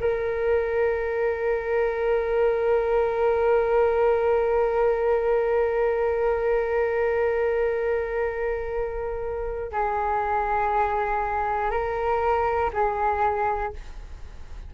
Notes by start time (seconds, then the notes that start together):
0.00 A#4
9.72 G#4
11.70 A#4
12.73 G#4